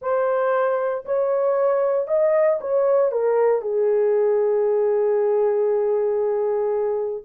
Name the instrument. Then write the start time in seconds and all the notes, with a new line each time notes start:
horn
0.01 C5
1.05 C#5
2.07 D#5
2.60 C#5
3.11 A#4
3.61 G#4